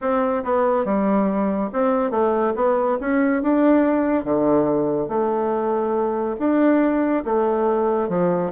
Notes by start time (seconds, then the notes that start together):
0.01 C4
0.44 B3
0.85 G3
1.72 C4
2.10 A3
2.55 B3
3.00 C#4
3.42 D4
4.24 D3
5.08 A3
6.39 D4
7.24 A3
8.09 F3